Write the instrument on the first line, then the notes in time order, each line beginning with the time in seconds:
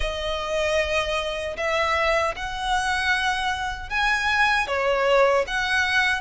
violin
0.00 D#5
1.56 E5
2.36 F#5
3.89 G#5
4.67 C#5
5.47 F#5